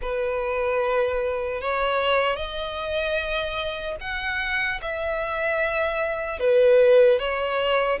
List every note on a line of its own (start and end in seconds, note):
0.01 1.61 B4
1.61 2.36 C#5
2.36 3.96 D#5
4.00 4.80 F#5
4.81 6.39 E5
6.39 7.19 B4
7.19 7.99 C#5